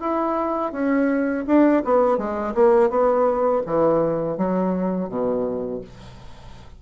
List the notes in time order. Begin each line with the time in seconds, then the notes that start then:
0.00 E4
0.72 C#4
1.47 D4
1.84 B3
2.17 G#3
2.54 A#3
2.89 B3
3.66 E3
4.37 F#3
5.08 B2